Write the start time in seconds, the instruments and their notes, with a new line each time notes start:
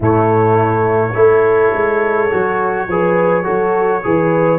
0.00 tuba A2, trombone A3, horn E4, trumpet C#5
1.14 tuba A3, trombone E4, horn A4
1.74 tuba G#3
2.30 tuba F#3, trombone F#4
2.87 tuba F3, trombone G#4, horn B4
3.43 tuba F#3, trombone F#4, horn A4
4.03 tuba E3, trombone G#4, horn B4